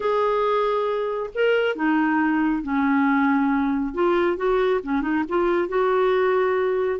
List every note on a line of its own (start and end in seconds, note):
0.00 1.29 G#4
1.34 1.75 A#4
1.75 2.62 D#4
2.62 3.93 C#4
3.93 4.36 F4
4.36 4.80 F#4
4.83 5.01 C#4
5.01 5.23 D#4
5.28 5.68 F4
5.68 6.99 F#4